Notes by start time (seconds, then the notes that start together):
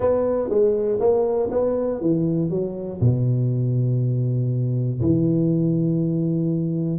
0.00 B3
0.49 G#3
0.99 A#3
1.50 B3
2.00 E3
2.50 F#3
3.00 B2
5.00 E3